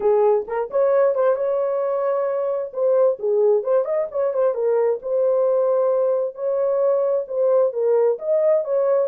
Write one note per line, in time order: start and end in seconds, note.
0.00 0.46 G#4
0.47 0.70 A#4
0.70 1.14 C#5
1.14 1.35 C5
1.35 2.72 C#5
2.73 3.18 C5
3.19 3.63 G#4
3.63 3.85 C5
3.85 4.07 D#5
4.11 4.33 C#5
4.33 4.54 C5
4.54 4.99 A#4
5.02 6.35 C5
6.35 7.25 C#5
7.27 7.73 C5
7.73 8.18 A#4
8.18 8.64 D#5
8.64 9.08 C#5